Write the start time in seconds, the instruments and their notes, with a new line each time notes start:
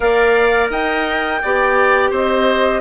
0.00 bassoon A#3, clarinet A#4, oboe D5, flute F5
0.70 bassoon D#4, oboe D#5, flute G5
1.42 bassoon B3, clarinet G4, oboe D5
2.10 bassoon C4, oboe C5, flute D#5